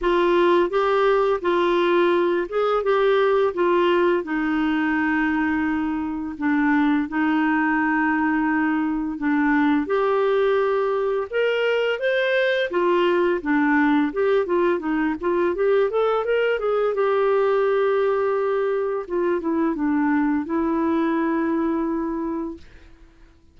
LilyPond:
\new Staff \with { instrumentName = "clarinet" } { \time 4/4 \tempo 4 = 85 f'4 g'4 f'4. gis'8 | g'4 f'4 dis'2~ | dis'4 d'4 dis'2~ | dis'4 d'4 g'2 |
ais'4 c''4 f'4 d'4 | g'8 f'8 dis'8 f'8 g'8 a'8 ais'8 gis'8 | g'2. f'8 e'8 | d'4 e'2. | }